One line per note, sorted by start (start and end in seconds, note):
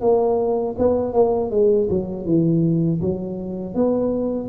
0.00 0.75 A#3
0.78 1.12 B3
1.12 1.50 A#3
1.50 1.88 G#3
1.90 2.25 F#3
2.25 3.00 E3
3.01 3.74 F#3
3.74 4.48 B3